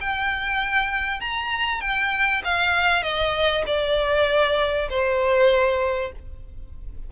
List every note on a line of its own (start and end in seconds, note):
0.00 1.20 G5
1.20 1.80 A#5
1.80 2.42 G5
2.44 3.02 F5
3.02 3.63 D#5
3.66 4.88 D5
4.89 6.12 C5